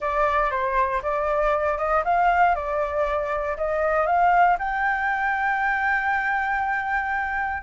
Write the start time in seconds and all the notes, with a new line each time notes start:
0.00 D5
0.50 C5
1.02 D5
1.78 D#5
2.04 F5
2.55 D5
3.57 D#5
4.06 F5
4.59 G5